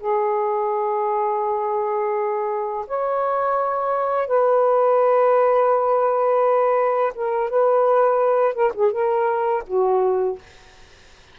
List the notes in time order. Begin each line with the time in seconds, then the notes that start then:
0.00 G#4
2.87 C#5
4.28 B4
7.15 A#4
7.50 B4
8.55 A#4
8.75 G#4
8.92 A#4
9.68 F#4